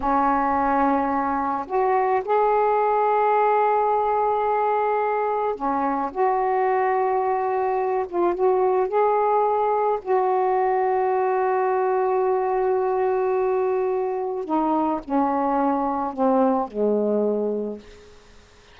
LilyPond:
\new Staff \with { instrumentName = "saxophone" } { \time 4/4 \tempo 4 = 108 cis'2. fis'4 | gis'1~ | gis'2 cis'4 fis'4~ | fis'2~ fis'8 f'8 fis'4 |
gis'2 fis'2~ | fis'1~ | fis'2 dis'4 cis'4~ | cis'4 c'4 gis2 | }